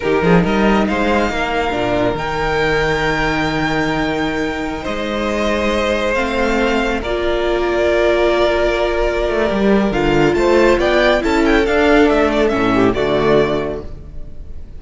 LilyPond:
<<
  \new Staff \with { instrumentName = "violin" } { \time 4/4 \tempo 4 = 139 ais'4 dis''4 f''2~ | f''4 g''2.~ | g''2.~ g''16 dis''8.~ | dis''2~ dis''16 f''4.~ f''16~ |
f''16 d''2.~ d''8.~ | d''2. f''4 | a''4 g''4 a''8 g''8 f''4 | e''8 d''8 e''4 d''2 | }
  \new Staff \with { instrumentName = "violin" } { \time 4/4 g'8 gis'8 ais'4 c''4 ais'4~ | ais'1~ | ais'2.~ ais'16 c''8.~ | c''1~ |
c''16 ais'2.~ ais'8.~ | ais'1 | c''4 d''4 a'2~ | a'4. g'8 fis'2 | }
  \new Staff \with { instrumentName = "viola" } { \time 4/4 dis'1 | d'4 dis'2.~ | dis'1~ | dis'2~ dis'16 c'4.~ c'16~ |
c'16 f'2.~ f'8.~ | f'2 g'4 f'4~ | f'2 e'4 d'4~ | d'4 cis'4 a2 | }
  \new Staff \with { instrumentName = "cello" } { \time 4/4 dis8 f8 g4 gis4 ais4 | ais,4 dis2.~ | dis2.~ dis16 gis8.~ | gis2~ gis16 a4.~ a16~ |
a16 ais2.~ ais8.~ | ais4. a8 g4 d4 | a4 b4 cis'4 d'4 | a4 a,4 d2 | }
>>